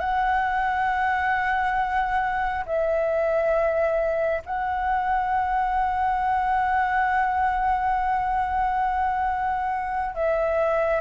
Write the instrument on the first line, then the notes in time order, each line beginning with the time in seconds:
flute
0.00 F#5
2.66 E5
4.46 F#5
10.15 E5